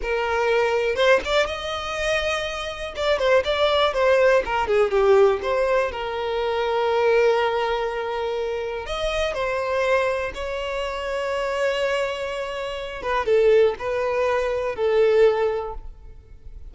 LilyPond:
\new Staff \with { instrumentName = "violin" } { \time 4/4 \tempo 4 = 122 ais'2 c''8 d''8 dis''4~ | dis''2 d''8 c''8 d''4 | c''4 ais'8 gis'8 g'4 c''4 | ais'1~ |
ais'2 dis''4 c''4~ | c''4 cis''2.~ | cis''2~ cis''8 b'8 a'4 | b'2 a'2 | }